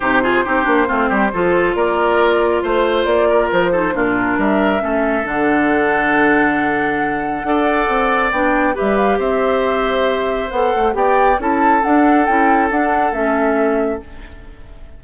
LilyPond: <<
  \new Staff \with { instrumentName = "flute" } { \time 4/4 \tempo 4 = 137 c''1 | d''2 c''4 d''4 | c''4 ais'4 e''2 | fis''1~ |
fis''2. g''4 | e''8 f''8 e''2. | fis''4 g''4 a''4 fis''4 | g''4 fis''4 e''2 | }
  \new Staff \with { instrumentName = "oboe" } { \time 4/4 g'8 gis'8 g'4 f'8 g'8 a'4 | ais'2 c''4. ais'8~ | ais'8 a'8 f'4 ais'4 a'4~ | a'1~ |
a'4 d''2. | b'4 c''2.~ | c''4 d''4 a'2~ | a'1 | }
  \new Staff \with { instrumentName = "clarinet" } { \time 4/4 dis'8 f'8 dis'8 d'8 c'4 f'4~ | f'1~ | f'8 dis'8 d'2 cis'4 | d'1~ |
d'4 a'2 d'4 | g'1 | a'4 g'4 e'4 d'4 | e'4 d'4 cis'2 | }
  \new Staff \with { instrumentName = "bassoon" } { \time 4/4 c4 c'8 ais8 a8 g8 f4 | ais2 a4 ais4 | f4 ais,4 g4 a4 | d1~ |
d4 d'4 c'4 b4 | g4 c'2. | b8 a8 b4 cis'4 d'4 | cis'4 d'4 a2 | }
>>